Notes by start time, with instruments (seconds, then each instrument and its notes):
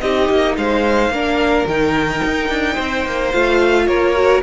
0.00 cello C4, viola D#4, violin G4 D#5
0.29 cello A#3
0.57 cello G#3, violin C5 F5
1.10 cello A#3, viola D4, violin A#4
1.66 cello D#3, viola D#4, violin G5
2.24 cello D#4
2.49 cello D4
2.74 cello C4, violin C5
3.06 cello A#3
3.32 cello A3, viola F4, violin F5
3.87 cello A#3, violin A#4 C#5
4.16 viola F#4